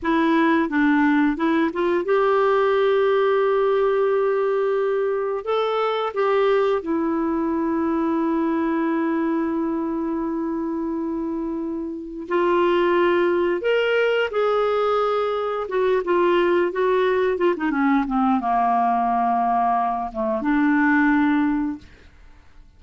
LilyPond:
\new Staff \with { instrumentName = "clarinet" } { \time 4/4 \tempo 4 = 88 e'4 d'4 e'8 f'8 g'4~ | g'1 | a'4 g'4 e'2~ | e'1~ |
e'2 f'2 | ais'4 gis'2 fis'8 f'8~ | f'8 fis'4 f'16 dis'16 cis'8 c'8 ais4~ | ais4. a8 d'2 | }